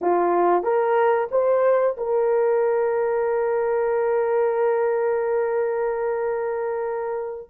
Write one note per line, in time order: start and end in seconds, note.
0.01 0.63 F4
0.63 1.28 A#4
1.31 1.96 C5
1.97 7.49 A#4